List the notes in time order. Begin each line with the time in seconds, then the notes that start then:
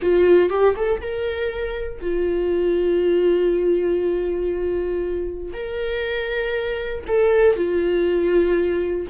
0.02 F4
0.49 G4
0.76 A4
1.01 A#4
2.01 F4
5.53 A#4
7.07 A4
7.55 F4